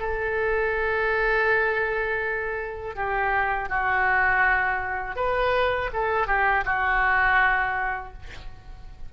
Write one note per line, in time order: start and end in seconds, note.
0.00 2.96 A4
2.96 3.69 G4
3.69 5.16 F#4
5.16 5.90 B4
5.93 6.28 A4
6.28 6.65 G4
6.65 8.13 F#4